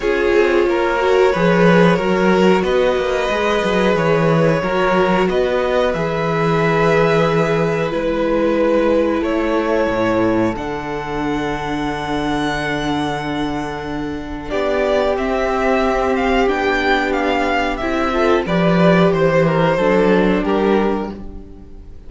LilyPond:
<<
  \new Staff \with { instrumentName = "violin" } { \time 4/4 \tempo 4 = 91 cis''1 | dis''2 cis''2 | dis''4 e''2. | b'2 cis''2 |
fis''1~ | fis''2 d''4 e''4~ | e''8 f''8 g''4 f''4 e''4 | d''4 c''2 ais'4 | }
  \new Staff \with { instrumentName = "violin" } { \time 4/4 gis'4 ais'4 b'4 ais'4 | b'2. ais'4 | b'1~ | b'2 a'2~ |
a'1~ | a'2 g'2~ | g'2.~ g'8 a'8 | b'4 c''8 ais'8 a'4 g'4 | }
  \new Staff \with { instrumentName = "viola" } { \time 4/4 f'4. fis'8 gis'4 fis'4~ | fis'4 gis'2 fis'4~ | fis'4 gis'2. | e'1 |
d'1~ | d'2. c'4~ | c'4 d'2 e'8 f'8 | g'2 d'2 | }
  \new Staff \with { instrumentName = "cello" } { \time 4/4 cis'8 c'8 ais4 f4 fis4 | b8 ais8 gis8 fis8 e4 fis4 | b4 e2. | gis2 a4 a,4 |
d1~ | d2 b4 c'4~ | c'4 b2 c'4 | f4 e4 fis4 g4 | }
>>